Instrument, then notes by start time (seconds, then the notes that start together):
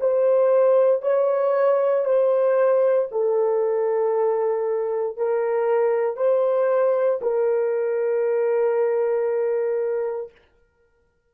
horn
0.00 C5
1.02 C#5
2.05 C5
3.11 A4
5.17 A#4
6.16 C5
7.21 A#4